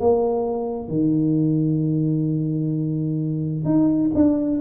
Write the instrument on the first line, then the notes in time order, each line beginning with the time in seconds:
tuba
0.00 A#3
0.88 D#3
3.65 D#4
4.14 D4